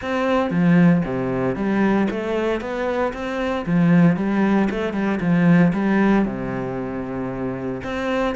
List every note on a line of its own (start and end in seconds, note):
0.01 0.50 C4
0.50 1.02 F3
1.05 1.55 C3
1.55 2.07 G3
2.10 2.60 A3
2.60 3.12 B3
3.13 3.65 C4
3.66 4.16 F3
4.16 4.68 G3
4.70 4.93 A3
4.93 5.19 G3
5.20 5.72 F3
5.73 6.25 G3
6.25 7.81 C3
7.83 8.35 C4